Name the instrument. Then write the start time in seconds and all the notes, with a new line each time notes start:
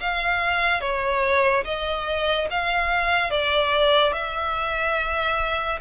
violin
0.00 F5
0.81 C#5
1.64 D#5
2.50 F5
3.30 D5
4.12 E5